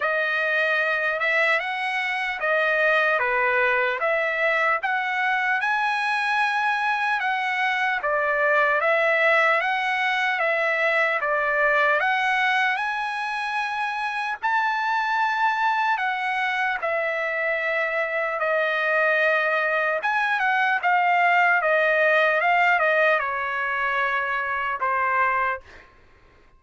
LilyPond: \new Staff \with { instrumentName = "trumpet" } { \time 4/4 \tempo 4 = 75 dis''4. e''8 fis''4 dis''4 | b'4 e''4 fis''4 gis''4~ | gis''4 fis''4 d''4 e''4 | fis''4 e''4 d''4 fis''4 |
gis''2 a''2 | fis''4 e''2 dis''4~ | dis''4 gis''8 fis''8 f''4 dis''4 | f''8 dis''8 cis''2 c''4 | }